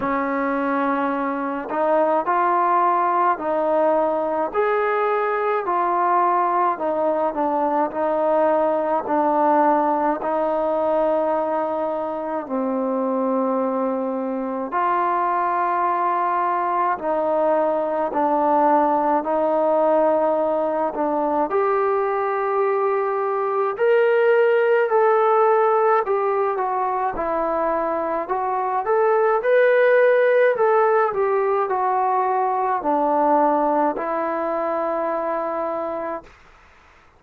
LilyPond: \new Staff \with { instrumentName = "trombone" } { \time 4/4 \tempo 4 = 53 cis'4. dis'8 f'4 dis'4 | gis'4 f'4 dis'8 d'8 dis'4 | d'4 dis'2 c'4~ | c'4 f'2 dis'4 |
d'4 dis'4. d'8 g'4~ | g'4 ais'4 a'4 g'8 fis'8 | e'4 fis'8 a'8 b'4 a'8 g'8 | fis'4 d'4 e'2 | }